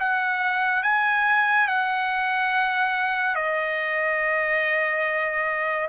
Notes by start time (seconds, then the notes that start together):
0.00 F#5
0.83 G#5
1.68 F#5
3.35 D#5